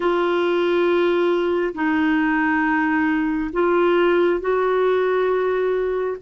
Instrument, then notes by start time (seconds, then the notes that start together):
clarinet
0.00 F4
1.74 D#4
3.52 F4
4.40 F#4